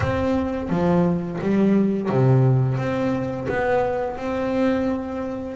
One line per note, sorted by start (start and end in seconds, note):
0.00 0.69 C4
0.69 1.39 F3
1.41 2.09 G3
2.09 2.77 C3
2.77 3.47 C4
3.48 4.16 B3
4.16 5.56 C4